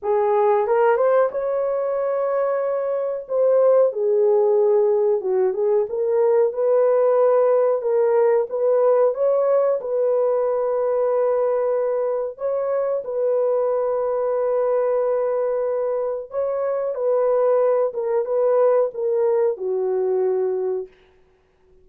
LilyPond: \new Staff \with { instrumentName = "horn" } { \time 4/4 \tempo 4 = 92 gis'4 ais'8 c''8 cis''2~ | cis''4 c''4 gis'2 | fis'8 gis'8 ais'4 b'2 | ais'4 b'4 cis''4 b'4~ |
b'2. cis''4 | b'1~ | b'4 cis''4 b'4. ais'8 | b'4 ais'4 fis'2 | }